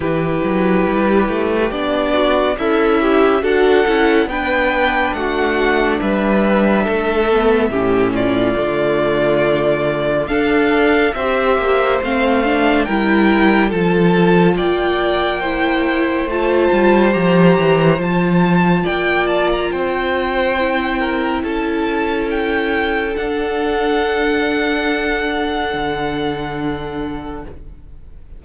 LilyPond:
<<
  \new Staff \with { instrumentName = "violin" } { \time 4/4 \tempo 4 = 70 b'2 d''4 e''4 | fis''4 g''4 fis''4 e''4~ | e''4. d''2~ d''8 | f''4 e''4 f''4 g''4 |
a''4 g''2 a''4 | ais''4 a''4 g''8 a''16 ais''16 g''4~ | g''4 a''4 g''4 fis''4~ | fis''1 | }
  \new Staff \with { instrumentName = "violin" } { \time 4/4 g'2~ g'8 fis'8 e'4 | a'4 b'4 fis'4 b'4 | a'4 g'8 f'2~ f'8 | a'4 c''2 ais'4 |
a'4 d''4 c''2~ | c''2 d''4 c''4~ | c''8 ais'8 a'2.~ | a'1 | }
  \new Staff \with { instrumentName = "viola" } { \time 4/4 e'2 d'4 a'8 g'8 | fis'8 e'8 d'2.~ | d'8 b8 cis'4 a2 | d'4 g'4 c'8 d'8 e'4 |
f'2 e'4 f'4 | g'4 f'2. | e'2. d'4~ | d'1 | }
  \new Staff \with { instrumentName = "cello" } { \time 4/4 e8 fis8 g8 a8 b4 cis'4 | d'8 cis'8 b4 a4 g4 | a4 a,4 d2 | d'4 c'8 ais8 a4 g4 |
f4 ais2 a8 g8 | f8 e8 f4 ais4 c'4~ | c'4 cis'2 d'4~ | d'2 d2 | }
>>